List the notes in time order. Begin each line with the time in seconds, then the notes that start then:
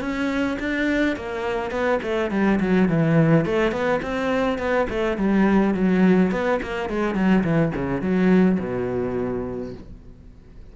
0.00 C#4
0.59 D4
1.16 A#3
1.71 B3
2.02 A3
2.30 G3
2.60 F#3
2.89 E3
3.45 A3
3.72 B3
4.02 C4
4.58 B3
4.89 A3
5.17 G3
5.74 F#3
6.31 B3
6.62 A#3
6.89 G#3
7.15 F#3
7.44 E3
7.75 C#3
8.01 F#3
8.59 B2